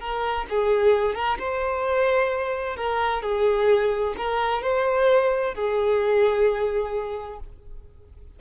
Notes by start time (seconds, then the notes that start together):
0.00 A#4
0.50 G#4
1.15 A#4
1.39 C5
2.77 A#4
3.23 G#4
4.17 A#4
4.62 C5
5.55 G#4